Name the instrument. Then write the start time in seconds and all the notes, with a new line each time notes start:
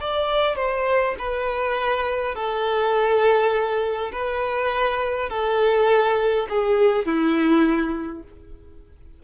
violin
0.00 D5
0.56 C5
1.18 B4
2.35 A4
4.12 B4
5.29 A4
6.49 G#4
7.05 E4